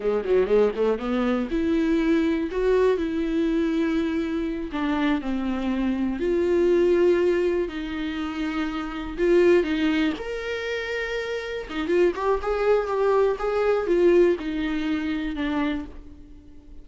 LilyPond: \new Staff \with { instrumentName = "viola" } { \time 4/4 \tempo 4 = 121 gis8 fis8 gis8 a8 b4 e'4~ | e'4 fis'4 e'2~ | e'4. d'4 c'4.~ | c'8 f'2. dis'8~ |
dis'2~ dis'8 f'4 dis'8~ | dis'8 ais'2. dis'8 | f'8 g'8 gis'4 g'4 gis'4 | f'4 dis'2 d'4 | }